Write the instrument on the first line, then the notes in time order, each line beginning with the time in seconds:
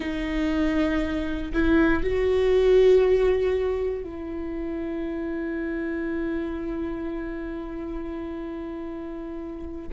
viola
0.00 D#4
1.53 E4
2.03 F#4
4.04 E4